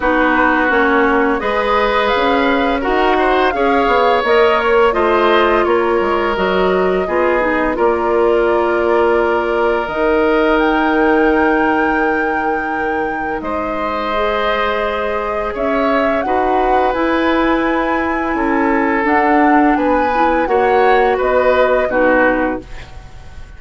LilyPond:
<<
  \new Staff \with { instrumentName = "flute" } { \time 4/4 \tempo 4 = 85 b'4 cis''4 dis''4 f''4 | fis''4 f''4 dis''8 cis''8 dis''4 | cis''4 dis''2 d''4~ | d''2 dis''4 g''4~ |
g''2. dis''4~ | dis''2 e''4 fis''4 | gis''2. fis''4 | gis''4 fis''4 dis''4 b'4 | }
  \new Staff \with { instrumentName = "oboe" } { \time 4/4 fis'2 b'2 | ais'8 c''8 cis''2 c''4 | ais'2 gis'4 ais'4~ | ais'1~ |
ais'2. c''4~ | c''2 cis''4 b'4~ | b'2 a'2 | b'4 cis''4 b'4 fis'4 | }
  \new Staff \with { instrumentName = "clarinet" } { \time 4/4 dis'4 cis'4 gis'2 | fis'4 gis'4 ais'4 f'4~ | f'4 fis'4 f'8 dis'8 f'4~ | f'2 dis'2~ |
dis'1 | gis'2. fis'4 | e'2. d'4~ | d'8 e'8 fis'2 dis'4 | }
  \new Staff \with { instrumentName = "bassoon" } { \time 4/4 b4 ais4 gis4 cis'4 | dis'4 cis'8 b8 ais4 a4 | ais8 gis8 fis4 b4 ais4~ | ais2 dis2~ |
dis2. gis4~ | gis2 cis'4 dis'4 | e'2 cis'4 d'4 | b4 ais4 b4 b,4 | }
>>